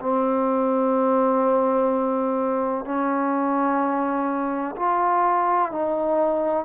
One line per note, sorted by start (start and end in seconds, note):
0.00 2.85 C4
2.85 4.75 C#4
4.76 5.71 F4
5.71 6.65 D#4